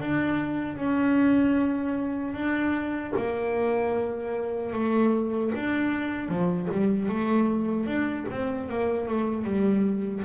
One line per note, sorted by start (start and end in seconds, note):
0.00 0.76 D4
0.76 2.34 C#4
2.34 3.13 D4
3.17 4.73 A#3
4.73 5.52 A3
5.56 6.29 D4
6.29 6.68 F3
6.72 7.09 G3
7.09 7.86 A3
7.86 8.26 D4
8.30 8.69 C4
8.69 9.08 A#3
9.08 9.44 A3
9.44 10.23 G3